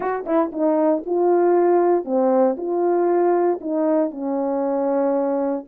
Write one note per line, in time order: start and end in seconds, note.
0.00 0.25 F#4
0.26 0.51 E4
0.52 1.03 D#4
1.05 2.04 F4
2.04 2.56 C4
2.57 3.59 F4
3.60 4.10 D#4
4.10 5.64 C#4